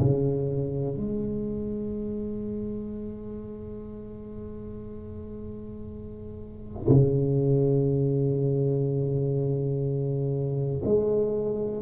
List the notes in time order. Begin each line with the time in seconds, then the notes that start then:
0.00 C#3
0.97 G#3
6.89 C#3
10.85 G#3